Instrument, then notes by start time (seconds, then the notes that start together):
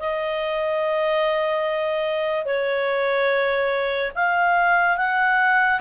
clarinet
0.00 D#5
2.46 C#5
4.15 F5
4.97 F#5